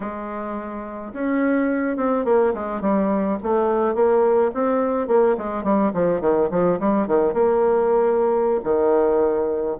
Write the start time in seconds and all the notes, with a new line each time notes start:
0.00 G#3
1.13 C#4
1.96 C4
2.24 A#3
2.54 G#3
2.81 G3
3.42 A3
3.94 A#3
4.53 C4
5.07 A#3
5.37 G#3
5.63 G3
5.93 F3
6.21 D#3
6.51 F3
6.79 G3
7.07 D#3
7.33 A#3
8.63 D#3